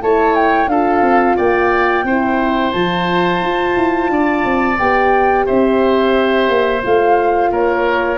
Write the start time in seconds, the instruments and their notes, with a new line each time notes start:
0.00 tuba A3, horn E4, oboe C#5, flute A5
0.36 flute G5
0.67 tuba D4, horn F4, oboe A4, flute F5
1.01 tuba C4
1.37 tuba A#3, oboe D5, flute G5
2.04 tuba C4, horn E4, oboe C5
2.72 tuba F3, horn F4, flute A5
3.42 tuba F4
3.76 tuba E4
4.10 tuba D4, oboe D5
4.44 tuba C4
4.78 tuba B3, horn G4, flute G5
5.46 tuba C4, oboe C5, flute E5
6.48 tuba A#3
6.83 tuba A3, horn F4, flute F5
7.51 tuba A#3, oboe A#4, flute C#5